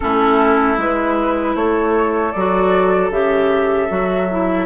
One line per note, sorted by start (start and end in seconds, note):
0.00 0.77 A3
0.00 0.77 C#4
0.00 1.55 E4
0.00 0.78 A4
0.77 1.55 G#3
0.77 2.33 E4
0.77 1.56 B4
1.55 2.33 A3
1.55 4.65 A4
1.55 2.32 C#5
2.32 3.10 F#3
2.32 3.11 F#4
2.32 3.10 D5
3.10 3.88 C#3
3.10 3.88 G4
3.10 4.65 E5
3.88 4.65 F#3
3.88 4.27 F#4
4.30 4.65 E4